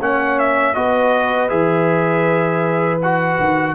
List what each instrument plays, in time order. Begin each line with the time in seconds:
0.00 tuba A#3, trombone C#4, horn C#5, trumpet F#5
0.39 trumpet E5
0.75 tuba B3, trombone F#4, horn B4, trumpet D#5
1.49 tuba E3, trombone G#4, trumpet E5
3.02 trombone F#4, trumpet F#5
3.40 tuba D#3